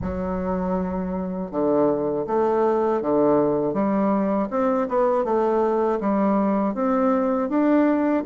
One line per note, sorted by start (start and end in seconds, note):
0.01 1.51 F#3
1.51 2.26 D3
2.26 3.01 A3
3.01 3.73 D3
3.73 4.48 G3
4.50 4.88 C4
4.88 5.24 B3
5.24 5.99 A3
6.00 6.74 G3
6.74 7.49 C4
7.49 8.24 D4